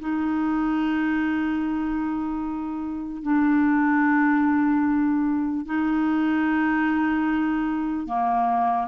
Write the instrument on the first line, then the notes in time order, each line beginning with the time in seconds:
clarinet
0.00 D#4
3.23 D4
5.66 D#4
8.07 A#3